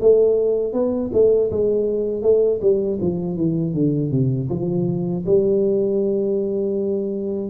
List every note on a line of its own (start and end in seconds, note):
0.00 0.73 A3
0.73 1.10 B3
1.13 1.50 A3
1.51 2.22 G#3
2.22 2.60 A3
2.61 2.99 G3
3.01 3.36 F3
3.36 3.74 E3
3.74 4.11 D3
4.11 4.49 C3
4.49 5.24 F3
5.26 7.50 G3